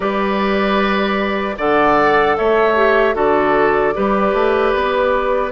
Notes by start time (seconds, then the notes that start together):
0.00 G3 G4 B4 D5
1.57 D3 A4 D5 F#5
2.37 A3 C#5 E5
2.75 G4
3.14 D3 F#4 A4 D5
3.93 G3 G4 B4
4.33 A3
4.75 B3